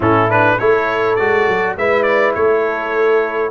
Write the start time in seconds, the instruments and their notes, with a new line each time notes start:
0.00 tuba A2, trombone C#4, horn E4, trumpet A4
0.29 trombone D4, trumpet B4
0.58 tuba A3, trombone E4, horn A4, trumpet C#5
1.15 tuba G#3, trombone F#4, trumpet D5
1.47 tuba F#3
1.76 tuba G#3, trombone E4, horn B4, trumpet E5
2.02 trumpet D5
2.34 tuba A3, horn A4, trumpet C#5